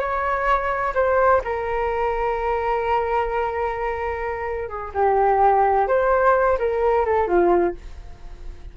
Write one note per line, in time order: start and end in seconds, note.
0.00 0.94 C#5
0.95 1.41 C5
1.44 4.69 A#4
4.69 4.92 G#4
4.94 5.88 G4
5.88 6.58 C5
6.59 7.05 A#4
7.05 7.28 A4
7.28 7.75 F4